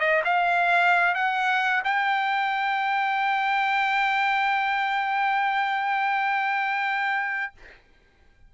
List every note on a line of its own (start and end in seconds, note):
0.00 0.23 D#5
0.25 1.15 F5
1.15 1.83 F#5
1.85 7.53 G5